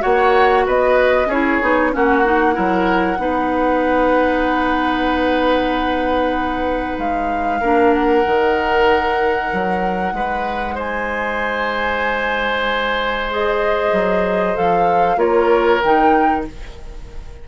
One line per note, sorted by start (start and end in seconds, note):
0.00 0.67 A#3
0.00 1.26 F#4
0.00 0.64 C#5
0.00 0.65 F#5
0.66 1.26 B3
0.66 1.27 B4
0.66 1.30 D#5
1.26 1.57 C#4
1.26 1.62 E4
1.26 1.91 G#4
1.26 1.93 C#5
1.62 1.93 B3
1.62 1.92 D#4
1.92 2.57 A#3
1.92 2.23 C#4
1.92 2.54 F#4
1.92 6.99 F#5
2.24 2.53 D#4
2.53 3.18 F#3
2.53 3.16 E4
2.53 3.17 A#4
3.18 6.97 B3
3.18 7.60 D#4
3.18 7.60 B4
6.98 7.61 G#3
6.98 7.93 F5
7.60 8.24 A#3
7.60 8.25 D4
7.60 10.13 A#4
7.93 10.77 F#5
8.25 9.52 D#3
8.25 13.30 D#4
9.52 10.12 F#3
10.12 13.91 G#3
10.12 10.74 B4
10.74 15.16 C5
10.74 13.31 G#5
13.30 14.55 G#4
13.30 14.56 D#5
13.92 14.55 F#3
14.55 15.16 F3
14.55 15.17 A4
14.55 15.19 F5
15.16 15.79 A#3
15.16 15.80 F4
15.16 16.44 A#4
15.16 15.81 C#5
15.81 16.47 D#3
15.81 16.48 D#4
15.81 16.44 G5